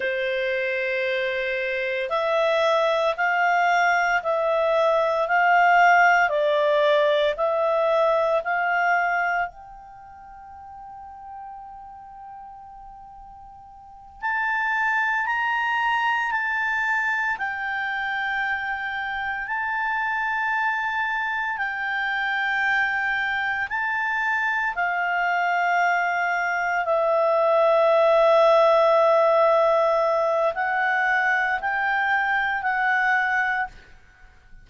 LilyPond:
\new Staff \with { instrumentName = "clarinet" } { \time 4/4 \tempo 4 = 57 c''2 e''4 f''4 | e''4 f''4 d''4 e''4 | f''4 g''2.~ | g''4. a''4 ais''4 a''8~ |
a''8 g''2 a''4.~ | a''8 g''2 a''4 f''8~ | f''4. e''2~ e''8~ | e''4 fis''4 g''4 fis''4 | }